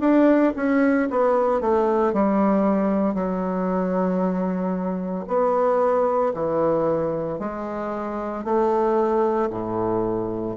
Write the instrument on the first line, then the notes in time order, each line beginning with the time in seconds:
bassoon
0.00 D4
0.56 C#4
1.11 B3
1.61 A3
2.13 G3
3.14 F#3
5.28 B3
6.34 E3
7.40 G#3
8.44 A3
9.50 A2